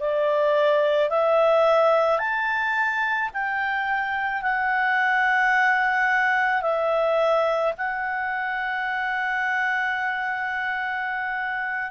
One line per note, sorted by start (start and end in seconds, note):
0.00 1.10 D5
1.10 2.19 E5
2.19 3.30 A5
3.33 4.42 G5
4.42 6.62 F#5
6.62 7.73 E5
7.77 11.91 F#5